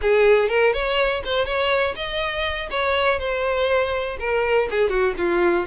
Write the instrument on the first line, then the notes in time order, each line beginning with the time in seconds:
violin
0.01 G#4
0.48 A#4
0.73 C#5
1.24 C5
1.45 C#5
1.95 D#5
2.70 C#5
3.19 C5
4.19 A#4
4.70 G#4
4.89 F#4
5.17 F4